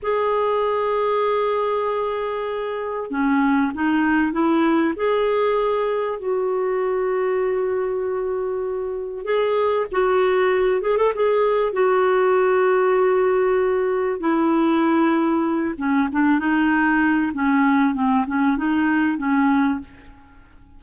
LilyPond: \new Staff \with { instrumentName = "clarinet" } { \time 4/4 \tempo 4 = 97 gis'1~ | gis'4 cis'4 dis'4 e'4 | gis'2 fis'2~ | fis'2. gis'4 |
fis'4. gis'16 a'16 gis'4 fis'4~ | fis'2. e'4~ | e'4. cis'8 d'8 dis'4. | cis'4 c'8 cis'8 dis'4 cis'4 | }